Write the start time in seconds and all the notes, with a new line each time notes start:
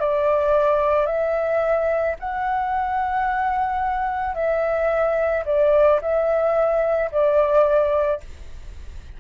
0.00 D5
1.07 E5
2.20 F#5
4.35 E5
5.46 D5
6.01 E5
7.12 D5